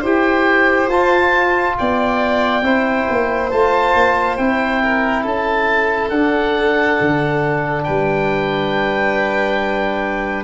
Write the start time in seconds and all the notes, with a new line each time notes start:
0.00 E4 G4 C5 G5
0.87 F4 A5
1.78 B3 D5 G5
2.62 C4 E4 C5
3.09 A#3
3.51 A3 F4 A5
3.94 A#3
4.37 C4 E4 G5
4.83 A#4
5.22 C#4 A4 A5
6.09 D4 F#5
7.00 D3
7.83 G3 B4 G5